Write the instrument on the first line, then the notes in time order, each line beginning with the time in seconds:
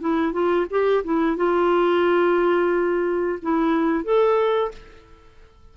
clarinet
0.00 E4
0.32 F4
0.70 G4
1.04 E4
1.36 F4
3.42 E4
4.04 A4